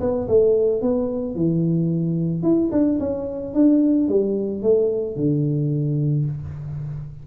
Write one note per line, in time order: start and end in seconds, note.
0.00 0.27 B3
0.28 0.82 A3
0.82 1.35 B3
1.35 2.43 E3
2.43 2.70 E4
2.71 2.99 D4
3.00 3.54 C#4
3.54 4.08 D4
4.09 4.62 G3
4.62 5.16 A3
5.16 6.25 D3